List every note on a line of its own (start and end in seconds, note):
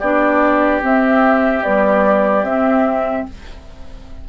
0.00 0.82 B3
0.00 0.82 D4
0.00 3.24 G4
0.00 0.81 D5
0.82 1.62 C4
0.82 1.64 C4
0.82 1.64 E5
1.62 2.46 G3
1.62 2.42 B3
1.62 2.44 D5
2.42 3.23 C4
2.42 3.29 C4
2.42 3.26 E5